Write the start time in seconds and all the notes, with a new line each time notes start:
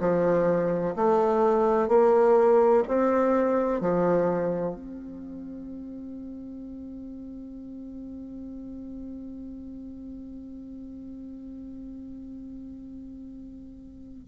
0.00 F3
0.96 A3
1.88 A#3
2.88 C4
3.81 F3
4.75 C4